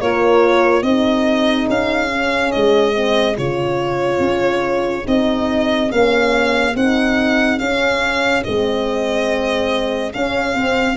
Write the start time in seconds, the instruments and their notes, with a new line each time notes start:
0.00 tuba A#3, horn F4, saxophone A#4, violin C#5
0.83 tuba C4, horn D#4, saxophone G#4, violin D#5
1.68 tuba C#4, violin F5
2.08 horn C#4
2.52 tuba G#3, violin D#5
2.93 horn C4
3.38 tuba C#3, horn F4, violin C#5
4.19 tuba C#4
5.06 tuba C4, horn D#4, violin D#5
5.89 tuba A#3, horn C#4, violin F5
6.75 tuba C4, horn D#4, violin F#5
7.59 horn C#4, tuba C#4, violin F5
8.44 tuba G#3, horn C4, violin D#5
10.13 horn C#4, tuba C#4, violin F5
10.53 horn C4, tuba C4